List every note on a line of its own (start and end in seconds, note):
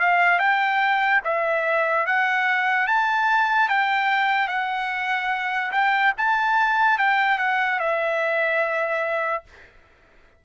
0.00 0.39 F5
0.39 1.21 G5
1.24 2.06 E5
2.06 2.87 F#5
2.87 3.69 A5
3.69 4.48 G5
4.48 5.72 F#5
5.72 6.13 G5
6.18 6.98 A5
6.98 7.39 G5
7.39 7.80 F#5
7.80 9.44 E5